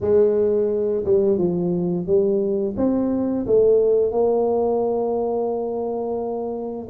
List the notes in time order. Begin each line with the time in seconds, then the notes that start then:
0.00 G#3
1.04 G3
1.38 F3
2.06 G3
2.76 C4
3.46 A3
4.11 A#3